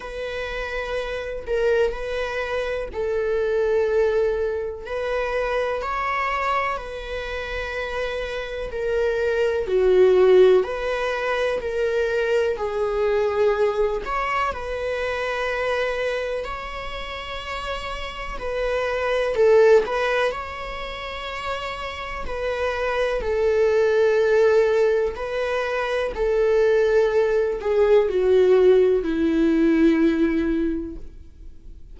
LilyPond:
\new Staff \with { instrumentName = "viola" } { \time 4/4 \tempo 4 = 62 b'4. ais'8 b'4 a'4~ | a'4 b'4 cis''4 b'4~ | b'4 ais'4 fis'4 b'4 | ais'4 gis'4. cis''8 b'4~ |
b'4 cis''2 b'4 | a'8 b'8 cis''2 b'4 | a'2 b'4 a'4~ | a'8 gis'8 fis'4 e'2 | }